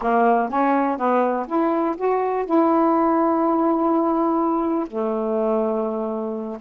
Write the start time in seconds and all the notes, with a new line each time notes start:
0.01 A#3
0.49 C#4
0.97 B3
1.47 E4
1.96 F#4
2.45 E4
4.87 A3